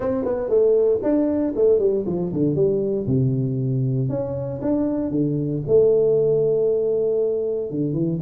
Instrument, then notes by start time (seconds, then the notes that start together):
tuba
0.00 C4
0.24 B3
0.49 A3
1.02 D4
1.55 A3
1.79 G3
2.06 F3
2.32 D3
2.55 G3
3.06 C3
4.09 C#4
4.61 D4
5.10 D3
5.67 A3
7.70 D3
7.93 E3